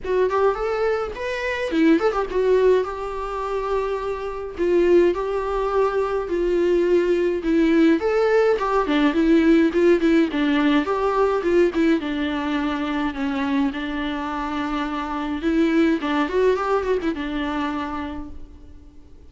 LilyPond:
\new Staff \with { instrumentName = "viola" } { \time 4/4 \tempo 4 = 105 fis'8 g'8 a'4 b'4 e'8 a'16 g'16 | fis'4 g'2. | f'4 g'2 f'4~ | f'4 e'4 a'4 g'8 d'8 |
e'4 f'8 e'8 d'4 g'4 | f'8 e'8 d'2 cis'4 | d'2. e'4 | d'8 fis'8 g'8 fis'16 e'16 d'2 | }